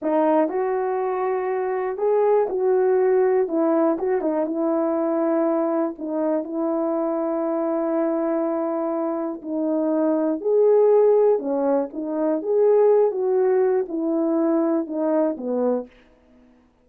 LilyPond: \new Staff \with { instrumentName = "horn" } { \time 4/4 \tempo 4 = 121 dis'4 fis'2. | gis'4 fis'2 e'4 | fis'8 dis'8 e'2. | dis'4 e'2.~ |
e'2. dis'4~ | dis'4 gis'2 cis'4 | dis'4 gis'4. fis'4. | e'2 dis'4 b4 | }